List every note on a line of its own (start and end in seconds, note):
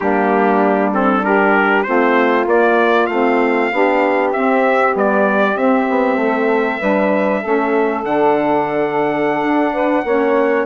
0.00 1.86 G3
0.00 0.92 A#3
0.00 1.24 D4
0.00 0.92 G4
0.92 1.22 C4
0.92 1.24 A4
1.22 1.84 D4
1.22 1.85 G4
1.22 1.82 A#4
1.82 2.46 A3
1.82 2.47 C4
1.82 3.71 F4
1.82 2.44 C5
2.46 3.07 A#3
2.46 3.09 A#3
2.46 3.06 D5
3.06 3.70 A3
3.06 3.72 C4
3.06 4.30 F5
3.71 4.33 B3
3.71 4.34 D4
3.71 6.19 G4
4.32 4.91 C4
4.32 4.95 C4
4.32 4.94 E5
4.91 5.55 G3
4.91 5.53 B3
4.97 5.57 D5
5.55 5.86 C4
5.55 6.80 C4
5.55 8.04 E5
5.89 6.15 B3
6.15 6.77 A3
6.15 6.79 A4
6.79 7.43 G3
6.79 7.42 D4
6.79 7.40 B4
7.40 8.03 A3
7.40 8.03 C#4
7.40 9.72 A4
8.03 9.42 D3
8.03 10.04 D4
8.03 10.66 F#5
9.42 10.04 D4
9.72 10.03 B4
10.04 10.66 A#3
10.04 10.66 C#4
10.04 10.66 C#5